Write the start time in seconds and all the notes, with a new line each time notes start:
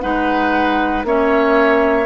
0.00 G#3 D#4 B4 F#5
1.03 A#3 C#4 C#5 E5